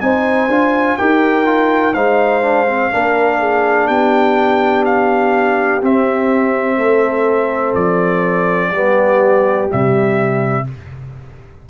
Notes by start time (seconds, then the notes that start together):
0.00 C4 D#4 C5 G#5
0.48 D4 F4
0.97 D#4 G4 A#4 G5
1.45 F4
1.94 G#3 D#4 C5 F5
2.42 D4
2.67 C4
2.91 A#3 D4 A#4
3.40 G#4
3.87 B3 G4 G5
4.85 F5
5.82 C4 E5
6.77 A3 A4
7.74 F3 D5
8.70 G3 B3 G4
9.67 C3 G3 E5